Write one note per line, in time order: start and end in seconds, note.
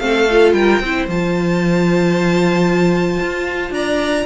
0.00 0.54 A3
0.00 0.27 C4
0.00 0.56 A4
0.00 0.53 F5
0.31 0.84 F4
0.54 0.80 G3
0.54 0.83 A#4
0.54 1.07 G5
0.80 1.07 C4
0.80 1.10 E4
0.80 3.75 C5
1.07 3.20 F3
1.07 4.27 F4
1.07 3.74 A5
3.20 3.71 F4
3.71 4.24 D4
3.71 4.27 D5
3.71 4.27 A#5